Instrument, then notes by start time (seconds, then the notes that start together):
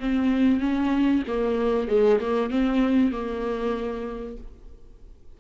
viola
0.00 C4
0.60 C#4
1.28 A#3
1.88 G#3
2.20 A#3
2.50 C4
3.12 A#3